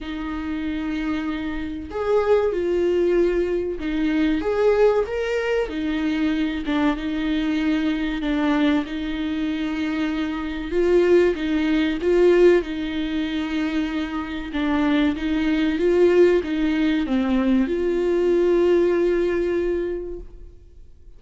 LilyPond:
\new Staff \with { instrumentName = "viola" } { \time 4/4 \tempo 4 = 95 dis'2. gis'4 | f'2 dis'4 gis'4 | ais'4 dis'4. d'8 dis'4~ | dis'4 d'4 dis'2~ |
dis'4 f'4 dis'4 f'4 | dis'2. d'4 | dis'4 f'4 dis'4 c'4 | f'1 | }